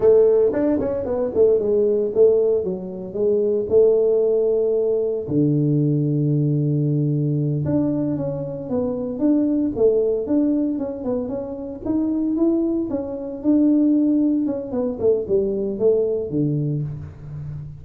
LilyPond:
\new Staff \with { instrumentName = "tuba" } { \time 4/4 \tempo 4 = 114 a4 d'8 cis'8 b8 a8 gis4 | a4 fis4 gis4 a4~ | a2 d2~ | d2~ d8 d'4 cis'8~ |
cis'8 b4 d'4 a4 d'8~ | d'8 cis'8 b8 cis'4 dis'4 e'8~ | e'8 cis'4 d'2 cis'8 | b8 a8 g4 a4 d4 | }